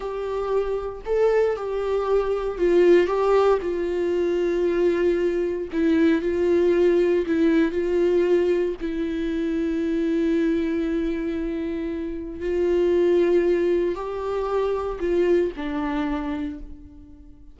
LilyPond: \new Staff \with { instrumentName = "viola" } { \time 4/4 \tempo 4 = 116 g'2 a'4 g'4~ | g'4 f'4 g'4 f'4~ | f'2. e'4 | f'2 e'4 f'4~ |
f'4 e'2.~ | e'1 | f'2. g'4~ | g'4 f'4 d'2 | }